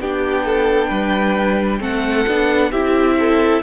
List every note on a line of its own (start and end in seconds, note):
0.00 0.90 B3
0.00 1.80 D4
0.00 0.46 G4
0.00 1.83 G5
0.46 0.88 A4
0.88 1.80 G3
0.88 1.79 B4
1.80 2.26 A3
1.80 2.26 C4
1.80 2.71 A4
1.80 2.72 F#5
2.28 2.72 B3
2.28 2.73 D4
2.71 3.63 C4
2.71 3.63 E4
2.71 3.17 G4
2.71 3.63 E5
3.19 3.63 A4